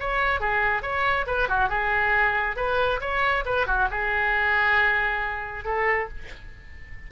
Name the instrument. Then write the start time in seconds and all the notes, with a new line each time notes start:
oboe
0.00 C#5
0.41 G#4
0.82 C#5
1.27 B4
1.49 F#4
1.69 G#4
2.57 B4
3.01 C#5
3.46 B4
3.67 F#4
3.91 G#4
5.65 A4